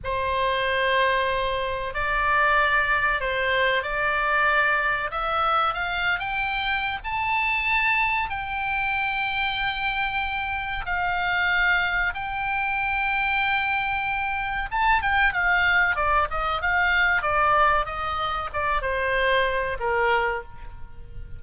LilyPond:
\new Staff \with { instrumentName = "oboe" } { \time 4/4 \tempo 4 = 94 c''2. d''4~ | d''4 c''4 d''2 | e''4 f''8. g''4~ g''16 a''4~ | a''4 g''2.~ |
g''4 f''2 g''4~ | g''2. a''8 g''8 | f''4 d''8 dis''8 f''4 d''4 | dis''4 d''8 c''4. ais'4 | }